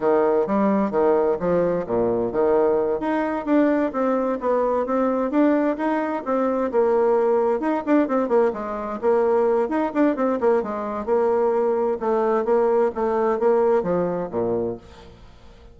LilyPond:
\new Staff \with { instrumentName = "bassoon" } { \time 4/4 \tempo 4 = 130 dis4 g4 dis4 f4 | ais,4 dis4. dis'4 d'8~ | d'8 c'4 b4 c'4 d'8~ | d'8 dis'4 c'4 ais4.~ |
ais8 dis'8 d'8 c'8 ais8 gis4 ais8~ | ais4 dis'8 d'8 c'8 ais8 gis4 | ais2 a4 ais4 | a4 ais4 f4 ais,4 | }